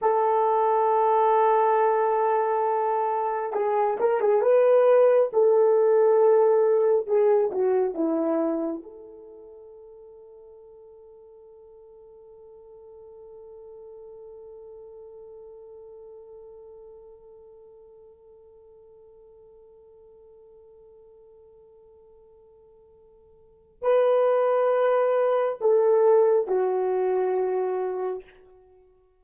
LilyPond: \new Staff \with { instrumentName = "horn" } { \time 4/4 \tempo 4 = 68 a'1 | gis'8 ais'16 gis'16 b'4 a'2 | gis'8 fis'8 e'4 a'2~ | a'1~ |
a'1~ | a'1~ | a'2. b'4~ | b'4 a'4 fis'2 | }